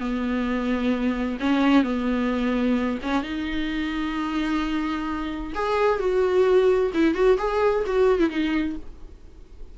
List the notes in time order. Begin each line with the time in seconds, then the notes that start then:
0.00 B3
1.40 C#4
1.84 B3
3.03 C#4
3.23 D#4
5.55 G#4
6.00 F#4
6.94 E4
7.15 F#4
7.38 G#4
7.87 F#4
8.20 E4
8.30 D#4